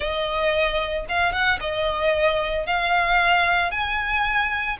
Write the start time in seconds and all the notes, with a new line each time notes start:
0.00 D#5
1.08 F5
1.32 F#5
1.60 D#5
2.66 F5
3.71 G#5